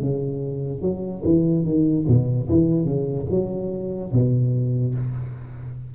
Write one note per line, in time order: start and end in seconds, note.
0.00 0.81 C#3
0.81 1.22 F#3
1.24 1.64 E3
1.64 2.05 D#3
2.07 2.48 B2
2.49 2.84 E3
2.84 3.25 C#3
3.30 4.12 F#3
4.12 4.94 B2